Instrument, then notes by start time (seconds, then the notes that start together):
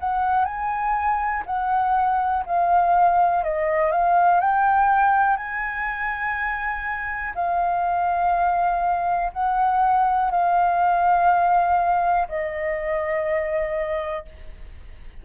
flute
0.00 F#5
0.45 G#5
1.46 F#5
2.46 F5
3.44 D#5
3.92 F5
4.41 G5
5.37 G#5
7.35 F5
9.34 F#5
10.31 F5
12.29 D#5